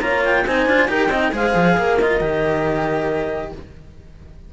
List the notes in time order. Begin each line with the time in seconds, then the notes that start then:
0.00 A#3 F4 C#5 A#5
0.25 G5
0.46 C4 D#4 C5 G#5
0.66 D4 F4
0.88 D#4 G4 A#4 G5
1.08 C4 D#4 D#5
1.32 G#3 G#4 C5 F5
1.55 F3
1.78 A#3 A#4
1.99 F4 D#5
2.20 D#3 G4